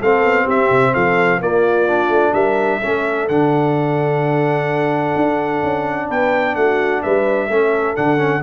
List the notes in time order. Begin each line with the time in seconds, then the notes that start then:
0.00 A3 C4 A4 F5
0.23 B3
0.44 C4 G4
0.50 E5
0.70 C3
0.94 F3 A4 F5
1.41 A#3 F4 D5
1.88 D4
2.09 A3
2.34 G3 A#4 E5
2.80 A3 C#4 A4
3.29 D3 D4 F#5
5.16 D4
5.63 C#4
6.08 B3 B4 G5
6.56 A3 F#4 F#5
7.03 G3 B4 E5
7.48 A3 C#4 A4
7.96 D3 D4 F#5
8.18 C#4